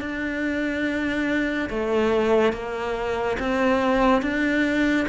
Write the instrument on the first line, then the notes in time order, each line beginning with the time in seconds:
cello
0.00 D4
1.69 A3
2.52 A#3
3.39 C4
4.21 D4